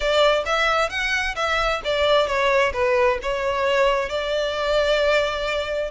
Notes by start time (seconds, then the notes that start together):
0.00 D5
0.45 E5
0.89 F#5
1.35 E5
1.84 D5
2.27 C#5
2.73 B4
3.22 C#5
4.09 D5